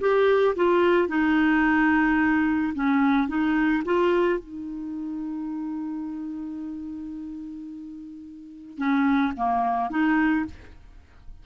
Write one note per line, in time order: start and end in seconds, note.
0.00 0.55 G4
0.56 1.08 F4
1.08 2.73 D#4
2.75 3.28 C#4
3.28 3.83 D#4
3.85 4.39 F4
4.39 8.78 D#4
8.78 9.33 C#4
9.37 9.90 A#3
9.90 10.45 D#4